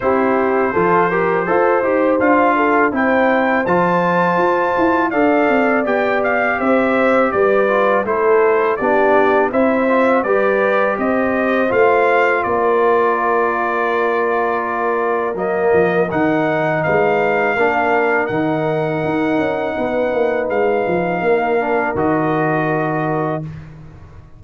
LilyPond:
<<
  \new Staff \with { instrumentName = "trumpet" } { \time 4/4 \tempo 4 = 82 c''2. f''4 | g''4 a''2 f''4 | g''8 f''8 e''4 d''4 c''4 | d''4 e''4 d''4 dis''4 |
f''4 d''2.~ | d''4 dis''4 fis''4 f''4~ | f''4 fis''2. | f''2 dis''2 | }
  \new Staff \with { instrumentName = "horn" } { \time 4/4 g'4 a'8 ais'8 c''4. a'8 | c''2. d''4~ | d''4 c''4 b'4 a'4 | g'4 c''4 b'4 c''4~ |
c''4 ais'2.~ | ais'2. b'4 | ais'2. b'4~ | b'4 ais'2. | }
  \new Staff \with { instrumentName = "trombone" } { \time 4/4 e'4 f'8 g'8 a'8 g'8 f'4 | e'4 f'2 a'4 | g'2~ g'8 f'8 e'4 | d'4 e'8 f'8 g'2 |
f'1~ | f'4 ais4 dis'2 | d'4 dis'2.~ | dis'4. d'8 fis'2 | }
  \new Staff \with { instrumentName = "tuba" } { \time 4/4 c'4 f4 f'8 dis'8 d'4 | c'4 f4 f'8 e'8 d'8 c'8 | b4 c'4 g4 a4 | b4 c'4 g4 c'4 |
a4 ais2.~ | ais4 fis8 f8 dis4 gis4 | ais4 dis4 dis'8 cis'8 b8 ais8 | gis8 f8 ais4 dis2 | }
>>